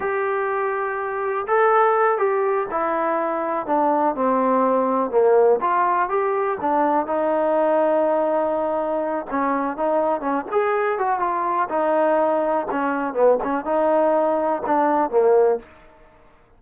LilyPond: \new Staff \with { instrumentName = "trombone" } { \time 4/4 \tempo 4 = 123 g'2. a'4~ | a'8 g'4 e'2 d'8~ | d'8 c'2 ais4 f'8~ | f'8 g'4 d'4 dis'4.~ |
dis'2. cis'4 | dis'4 cis'8 gis'4 fis'8 f'4 | dis'2 cis'4 b8 cis'8 | dis'2 d'4 ais4 | }